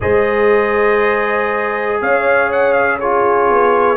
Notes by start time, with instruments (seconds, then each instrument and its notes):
0.00 tuba G#3, trombone G#4, horn C5, trumpet D#5
2.01 tuba C#4, horn C#5, trumpet F5
2.51 trumpet F#5
2.72 trumpet F5
2.99 trombone F4, horn G#4, trumpet C#5
3.50 tuba B3